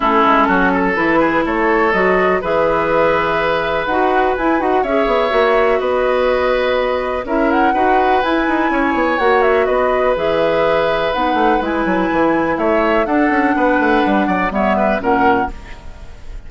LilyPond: <<
  \new Staff \with { instrumentName = "flute" } { \time 4/4 \tempo 4 = 124 a'2 b'4 cis''4 | dis''4 e''2. | fis''4 gis''8 fis''8 e''2 | dis''2. e''8 fis''8~ |
fis''4 gis''2 fis''8 e''8 | dis''4 e''2 fis''4 | gis''2 e''4 fis''4~ | fis''2 e''4 fis''4 | }
  \new Staff \with { instrumentName = "oboe" } { \time 4/4 e'4 fis'8 a'4 gis'8 a'4~ | a'4 b'2.~ | b'2 cis''2 | b'2. ais'4 |
b'2 cis''2 | b'1~ | b'2 cis''4 a'4 | b'4. d''8 cis''8 b'8 ais'4 | }
  \new Staff \with { instrumentName = "clarinet" } { \time 4/4 cis'2 e'2 | fis'4 gis'2. | fis'4 e'8 fis'8 gis'4 fis'4~ | fis'2. e'4 |
fis'4 e'2 fis'4~ | fis'4 gis'2 dis'4 | e'2. d'4~ | d'2 b4 cis'4 | }
  \new Staff \with { instrumentName = "bassoon" } { \time 4/4 a8 gis8 fis4 e4 a4 | fis4 e2. | dis'4 e'8 dis'8 cis'8 b8 ais4 | b2. cis'4 |
dis'4 e'8 dis'8 cis'8 b8 ais4 | b4 e2 b8 a8 | gis8 fis8 e4 a4 d'8 cis'8 | b8 a8 g8 fis8 g4 ais,4 | }
>>